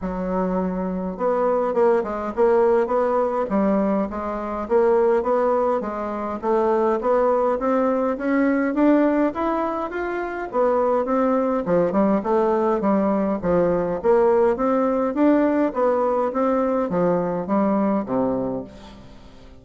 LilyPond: \new Staff \with { instrumentName = "bassoon" } { \time 4/4 \tempo 4 = 103 fis2 b4 ais8 gis8 | ais4 b4 g4 gis4 | ais4 b4 gis4 a4 | b4 c'4 cis'4 d'4 |
e'4 f'4 b4 c'4 | f8 g8 a4 g4 f4 | ais4 c'4 d'4 b4 | c'4 f4 g4 c4 | }